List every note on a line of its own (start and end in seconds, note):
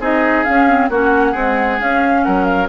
0.00 0.45 C4
0.00 0.46 D#4
0.00 0.90 G#4
0.00 0.45 D#5
0.45 0.68 C#4
0.45 0.90 C#4
0.45 0.89 F5
0.68 0.91 C4
0.90 1.35 A#3
0.90 1.35 C#4
0.90 1.32 F#4
0.90 1.81 F#5
1.32 1.79 G#3
1.32 1.79 C4
1.32 2.21 G#4
1.79 2.69 C#4
1.79 2.26 C#4
1.79 2.24 F5
2.24 2.69 F#3
2.24 2.69 A#4
2.24 2.45 F#5
2.45 2.68 F5